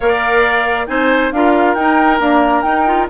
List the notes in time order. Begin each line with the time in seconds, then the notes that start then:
0.00 A#3 A#4 D5 F5
0.87 C4 D#4 C5 G#5
1.31 D4 F4 A#4 F5
1.74 D#4 G5
2.19 A#3 D4 A#5
2.62 D#4 G5
2.85 F4